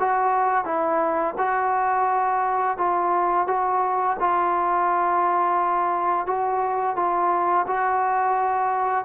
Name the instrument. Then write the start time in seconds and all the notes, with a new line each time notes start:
trombone
0.00 F#4
0.65 E4
1.39 F#4
2.78 F4
3.47 F#4
4.20 F4
6.27 F#4
6.96 F4
7.67 F#4